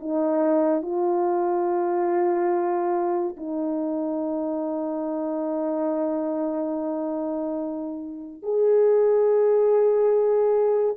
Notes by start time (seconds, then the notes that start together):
0.00 D#4
0.83 F4
3.37 D#4
8.43 G#4